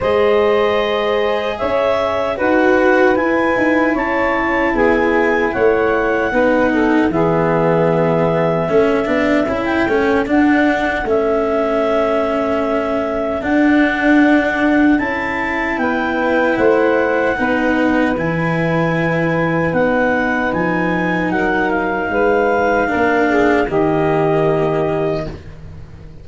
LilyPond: <<
  \new Staff \with { instrumentName = "clarinet" } { \time 4/4 \tempo 4 = 76 dis''2 e''4 fis''4 | gis''4 a''4 gis''4 fis''4~ | fis''4 e''2.~ | e''16 g''8. fis''4 e''2~ |
e''4 fis''2 a''4 | g''4 fis''2 gis''4~ | gis''4 fis''4 gis''4 fis''8 f''8~ | f''2 dis''2 | }
  \new Staff \with { instrumentName = "saxophone" } { \time 4/4 c''2 cis''4 b'4~ | b'4 cis''4 gis'4 cis''4 | b'8 a'8 gis'2 a'4~ | a'1~ |
a'1 | b'4 c''4 b'2~ | b'2. ais'4 | b'4 ais'8 gis'8 g'2 | }
  \new Staff \with { instrumentName = "cello" } { \time 4/4 gis'2. fis'4 | e'1 | dis'4 b2 cis'8 d'8 | e'8 cis'8 d'4 cis'2~ |
cis'4 d'2 e'4~ | e'2 dis'4 e'4~ | e'4 dis'2.~ | dis'4 d'4 ais2 | }
  \new Staff \with { instrumentName = "tuba" } { \time 4/4 gis2 cis'4 dis'4 | e'8 dis'8 cis'4 b4 a4 | b4 e2 a8 b8 | cis'8 a8 d'4 a2~ |
a4 d'2 cis'4 | b4 a4 b4 e4~ | e4 b4 f4 fis4 | gis4 ais4 dis2 | }
>>